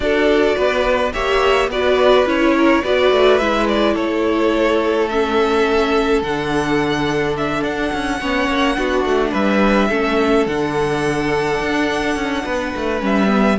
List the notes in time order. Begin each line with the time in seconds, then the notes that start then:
0.00 D4 F#4 A4 D5
0.55 B3 B4
1.13 A#3 G4 C#5 E5
1.68 B3 F#4 B4 D5
2.25 C#4 E4 C#5
2.56 A#4
2.83 B3 F#4 B4 D5
3.11 A3
3.37 G#3 E4 E5
3.68 D5
3.93 A3 A4 C#5
5.08 C#4 E5
6.22 D3 D4 F#5
7.37 E5
7.62 D4 F#5
7.92 C#4
8.20 B3 C#4 C#5
8.48 A#3
8.75 B3 D4 F#4
9.04 A3
9.31 G3 B4 E5
9.89 A3 C#4 A4
10.46 D3 D4 F#5
11.59 D4
12.15 C#4
12.44 B3 B4
12.76 A3
13.00 G3 C#4 E5
13.27 B3